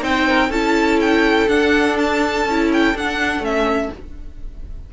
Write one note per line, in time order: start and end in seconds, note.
0.00 0.49 C4
0.00 0.49 D#4
0.00 0.28 C5
0.00 0.51 G5
0.28 0.49 A#4
0.49 1.47 C#4
0.49 1.48 E4
0.49 3.91 A4
0.49 1.00 A5
1.00 1.48 G5
1.48 2.45 D4
1.48 2.46 D4
1.48 1.97 F#5
1.98 2.71 A5
2.45 2.94 C#4
2.45 2.95 E4
2.73 2.97 G5
2.95 3.40 D4
2.95 3.43 D4
2.95 3.44 F#5
3.40 3.89 A3
3.40 3.91 C#4
3.40 3.93 E5